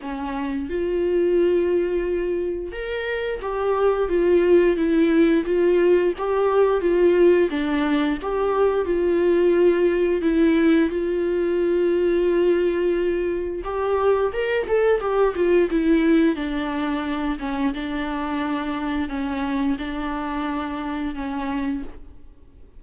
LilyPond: \new Staff \with { instrumentName = "viola" } { \time 4/4 \tempo 4 = 88 cis'4 f'2. | ais'4 g'4 f'4 e'4 | f'4 g'4 f'4 d'4 | g'4 f'2 e'4 |
f'1 | g'4 ais'8 a'8 g'8 f'8 e'4 | d'4. cis'8 d'2 | cis'4 d'2 cis'4 | }